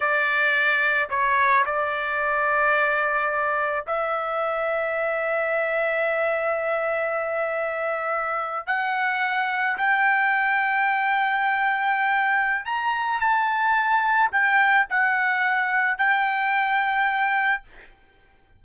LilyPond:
\new Staff \with { instrumentName = "trumpet" } { \time 4/4 \tempo 4 = 109 d''2 cis''4 d''4~ | d''2. e''4~ | e''1~ | e''2.~ e''8. fis''16~ |
fis''4.~ fis''16 g''2~ g''16~ | g''2. ais''4 | a''2 g''4 fis''4~ | fis''4 g''2. | }